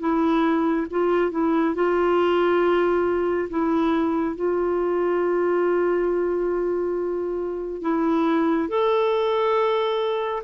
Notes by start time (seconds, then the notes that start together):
0.00 E4
0.91 F4
1.32 E4
1.75 F4
3.50 E4
4.36 F4
7.82 E4
8.69 A4